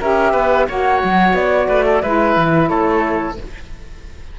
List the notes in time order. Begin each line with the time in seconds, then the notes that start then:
0.00 C#4 G4 A#4 E5
0.32 B3 B4
0.68 A#3 F#4 C#5 F#5
1.04 F#3
1.33 B3 D5
1.68 A3 B4
1.85 A4
2.02 G#3 E4 B4 E5
2.37 E3
2.69 A3 A4 C#5